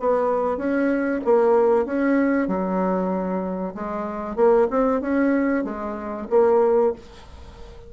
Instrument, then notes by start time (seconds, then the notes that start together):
bassoon
0.00 B3
0.58 C#4
1.25 A#3
1.85 C#4
2.48 F#3
3.75 G#3
4.36 A#3
4.71 C4
5.01 C#4
5.64 G#3
6.30 A#3